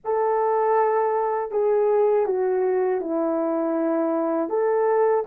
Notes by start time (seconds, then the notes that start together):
0.04 A4
1.51 G#4
2.26 F#4
3.00 E4
4.49 A4